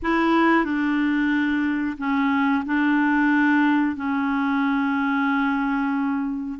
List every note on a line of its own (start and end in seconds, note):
0.02 0.64 E4
0.64 1.96 D4
1.98 2.64 C#4
2.65 3.96 D4
3.96 6.59 C#4